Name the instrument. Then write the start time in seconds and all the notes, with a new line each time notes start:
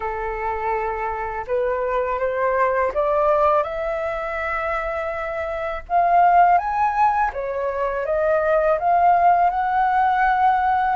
flute
0.00 A4
1.47 B4
2.19 C5
2.94 D5
3.63 E5
5.89 F5
6.58 G#5
7.33 C#5
8.05 D#5
8.79 F5
9.50 F#5